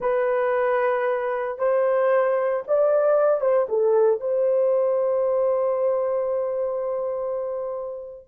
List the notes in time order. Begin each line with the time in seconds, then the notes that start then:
0.00 B4
1.58 C5
2.67 D5
3.40 C5
3.68 A4
4.20 C5